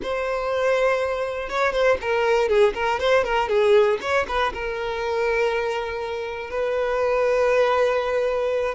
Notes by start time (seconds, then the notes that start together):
0.02 C5
1.49 C#5
1.72 C5
2.01 A#4
2.48 G#4
2.74 A#4
2.99 C5
3.24 A#4
3.49 G#4
4.01 C#5
4.27 B4
4.53 A#4
6.50 B4